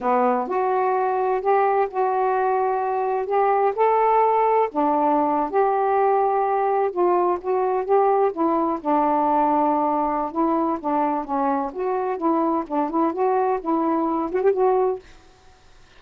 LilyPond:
\new Staff \with { instrumentName = "saxophone" } { \time 4/4 \tempo 4 = 128 b4 fis'2 g'4 | fis'2. g'4 | a'2 d'4.~ d'16 g'16~ | g'2~ g'8. f'4 fis'16~ |
fis'8. g'4 e'4 d'4~ d'16~ | d'2 e'4 d'4 | cis'4 fis'4 e'4 d'8 e'8 | fis'4 e'4. fis'16 g'16 fis'4 | }